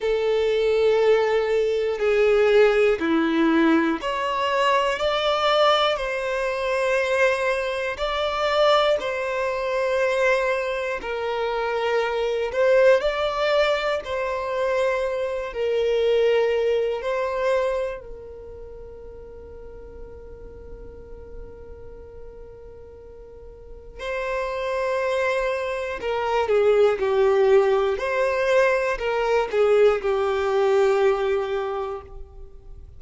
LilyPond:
\new Staff \with { instrumentName = "violin" } { \time 4/4 \tempo 4 = 60 a'2 gis'4 e'4 | cis''4 d''4 c''2 | d''4 c''2 ais'4~ | ais'8 c''8 d''4 c''4. ais'8~ |
ais'4 c''4 ais'2~ | ais'1 | c''2 ais'8 gis'8 g'4 | c''4 ais'8 gis'8 g'2 | }